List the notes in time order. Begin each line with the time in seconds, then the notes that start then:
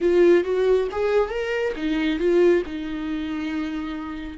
0.01 F4
0.44 F#4
0.91 G#4
1.29 A#4
1.76 D#4
2.19 F4
2.65 D#4